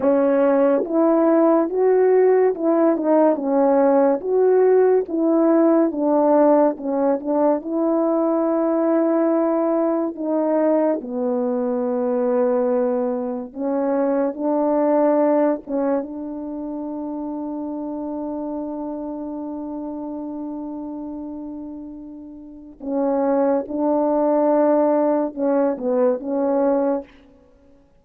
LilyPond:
\new Staff \with { instrumentName = "horn" } { \time 4/4 \tempo 4 = 71 cis'4 e'4 fis'4 e'8 dis'8 | cis'4 fis'4 e'4 d'4 | cis'8 d'8 e'2. | dis'4 b2. |
cis'4 d'4. cis'8 d'4~ | d'1~ | d'2. cis'4 | d'2 cis'8 b8 cis'4 | }